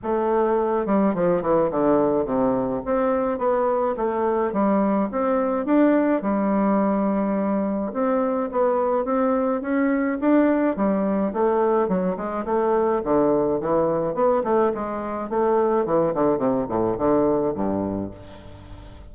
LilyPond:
\new Staff \with { instrumentName = "bassoon" } { \time 4/4 \tempo 4 = 106 a4. g8 f8 e8 d4 | c4 c'4 b4 a4 | g4 c'4 d'4 g4~ | g2 c'4 b4 |
c'4 cis'4 d'4 g4 | a4 fis8 gis8 a4 d4 | e4 b8 a8 gis4 a4 | e8 d8 c8 a,8 d4 g,4 | }